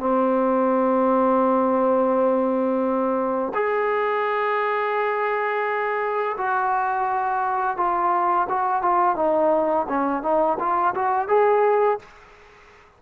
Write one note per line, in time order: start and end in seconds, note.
0.00 3.53 C4
3.55 6.37 G#4
6.38 7.77 F#4
7.77 8.48 F4
8.50 8.83 F#4
8.83 9.16 F4
9.16 9.87 D#4
9.89 10.23 C#4
10.23 10.58 D#4
10.59 10.95 F4
10.95 11.29 F#4
11.29 11.99 G#4